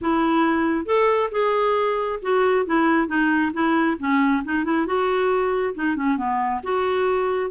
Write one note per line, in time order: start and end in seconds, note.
0.01 0.85 E4
0.85 1.29 A4
1.31 2.19 G#4
2.22 2.66 F#4
2.66 3.07 E4
3.07 3.51 D#4
3.53 3.97 E4
3.99 4.43 C#4
4.44 4.64 D#4
4.64 4.86 E4
4.86 5.74 F#4
5.74 5.96 D#4
5.96 6.17 C#4
6.17 6.61 B3
6.63 7.50 F#4